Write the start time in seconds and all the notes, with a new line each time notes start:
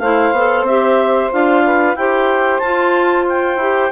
0.00 A3 E4 C5 F5
0.32 B3 A4
0.63 C4 E5
0.69 G4
1.32 D4 F4 F5
1.65 B4
1.96 E4 G4 C5 G5
2.60 F4 A5
3.29 G5
3.57 E4 G4